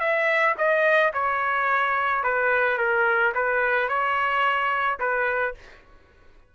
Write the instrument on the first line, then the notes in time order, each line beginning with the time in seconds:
trumpet
0.00 E5
0.58 D#5
1.14 C#5
2.24 B4
2.78 A#4
3.35 B4
3.89 C#5
5.00 B4